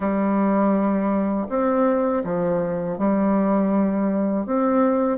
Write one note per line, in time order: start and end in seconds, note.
0.00 1.46 G3
1.48 2.23 C4
2.24 2.98 F3
2.98 4.46 G3
4.46 5.18 C4